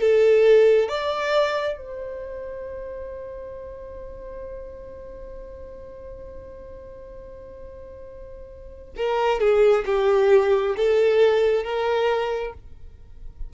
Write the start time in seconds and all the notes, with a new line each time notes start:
0.00 A4
0.89 D5
1.77 C5
8.97 A#4
9.40 G#4
9.86 G4
10.76 A4
11.63 A#4